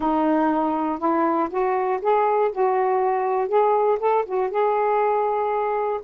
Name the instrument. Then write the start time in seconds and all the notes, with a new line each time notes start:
saxophone
0.00 D#4
0.98 E4
1.50 F#4
2.01 G#4
2.52 F#4
3.48 G#4
3.99 A4
4.25 F#4
4.50 G#4